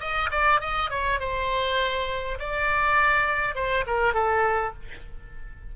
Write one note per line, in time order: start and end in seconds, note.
0.00 0.30 D#5
0.31 0.60 D5
0.60 0.90 D#5
0.90 1.20 C#5
1.20 2.38 C5
2.39 3.55 D5
3.55 3.85 C5
3.87 4.14 A#4
4.14 4.73 A4